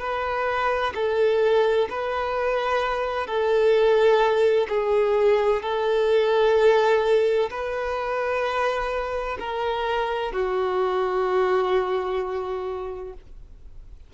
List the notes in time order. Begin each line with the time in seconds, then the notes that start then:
0.00 B4
0.95 A4
1.90 B4
3.27 A4
4.69 G#4
5.63 A4
7.51 B4
9.40 A#4
10.33 F#4